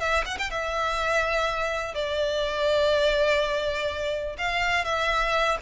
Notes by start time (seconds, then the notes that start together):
0.00 E5
0.26 F#5
0.38 G5
0.50 E5
1.94 D5
4.38 F5
4.85 E5